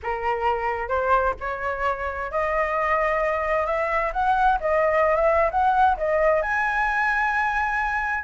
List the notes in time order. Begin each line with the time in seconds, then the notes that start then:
0.02 A#4
0.88 C5
1.40 C#5
2.31 D#5
3.66 E5
4.12 F#5
4.60 D#5
5.15 E5
5.51 F#5
5.97 D#5
6.42 G#5